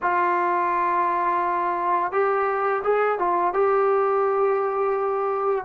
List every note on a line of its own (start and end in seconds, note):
0.02 2.11 F4
2.11 2.82 G4
2.83 3.18 G#4
3.18 3.53 F4
3.53 5.65 G4